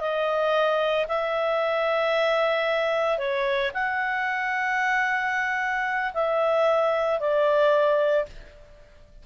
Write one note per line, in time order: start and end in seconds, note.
0.00 1.06 D#5
1.08 3.18 E5
3.18 3.71 C#5
3.74 6.13 F#5
6.14 7.19 E5
7.19 8.26 D5